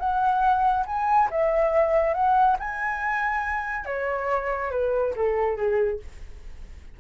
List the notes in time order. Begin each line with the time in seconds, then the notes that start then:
0.00 F#5
0.87 G#5
1.31 E5
2.14 F#5
2.60 G#5
3.86 C#5
4.72 B4
5.16 A4
5.57 G#4